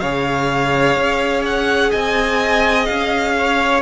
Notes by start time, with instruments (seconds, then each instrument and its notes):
0.00 cello C#3, viola G#4, violin C#5 F5
0.97 cello C#4
1.45 violin F#5
1.90 cello C4, violin D#5 G#5
2.85 cello C#4, violin F5
3.37 violin C#5